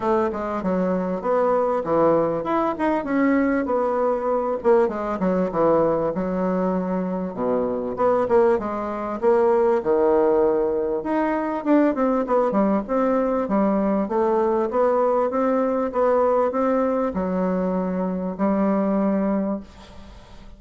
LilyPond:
\new Staff \with { instrumentName = "bassoon" } { \time 4/4 \tempo 4 = 98 a8 gis8 fis4 b4 e4 | e'8 dis'8 cis'4 b4. ais8 | gis8 fis8 e4 fis2 | b,4 b8 ais8 gis4 ais4 |
dis2 dis'4 d'8 c'8 | b8 g8 c'4 g4 a4 | b4 c'4 b4 c'4 | fis2 g2 | }